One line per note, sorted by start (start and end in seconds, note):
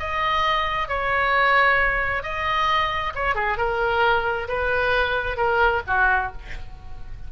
0.00 0.89 D#5
0.89 2.23 C#5
2.23 3.14 D#5
3.15 3.35 C#5
3.35 3.58 G#4
3.58 4.48 A#4
4.49 5.37 B4
5.37 5.82 A#4
5.88 6.33 F#4